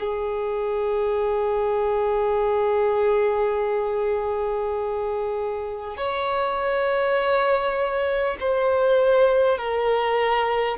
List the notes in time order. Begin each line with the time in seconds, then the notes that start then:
0.00 G#4
5.97 C#5
8.41 C5
9.58 A#4